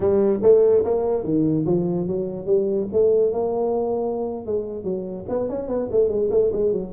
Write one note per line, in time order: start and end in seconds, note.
0.00 0.39 G3
0.42 0.84 A3
0.84 1.23 A#3
1.23 1.65 D#3
1.66 2.07 F3
2.07 2.46 F#3
2.46 2.87 G3
2.92 3.32 A3
3.32 4.46 A#3
4.46 4.83 G#3
4.83 5.25 F#3
5.28 5.49 B3
5.49 5.68 C#4
5.68 5.88 B3
5.91 6.08 A3
6.08 6.29 G#3
6.30 6.51 A3
6.52 6.72 G#3
6.72 6.92 F#3